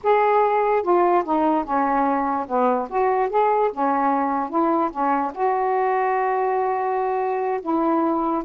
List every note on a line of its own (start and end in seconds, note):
0.03 0.82 G#4
0.82 1.23 F4
1.24 1.64 D#4
1.64 2.46 C#4
2.47 2.88 B3
2.89 3.29 F#4
3.29 3.70 G#4
3.72 4.49 C#4
4.49 4.90 E4
4.91 5.32 C#4
5.34 7.60 F#4
7.61 8.43 E4